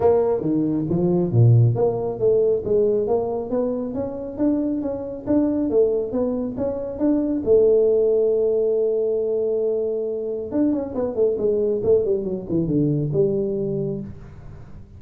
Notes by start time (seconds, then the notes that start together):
0.00 A#3
0.41 D#3
0.89 F3
1.31 A#2
1.75 A#3
2.19 A3
2.64 G#3
3.07 A#3
3.50 B3
3.94 C#4
4.37 D4
4.81 C#4
5.27 D4
5.70 A3
6.11 B3
6.57 C#4
6.98 D4
7.45 A3
10.51 D4
10.72 C#4
10.94 B3
11.15 A3
11.37 G#3
11.83 A3
12.05 G3
12.24 F#3
12.49 E3
12.67 D3
13.12 G3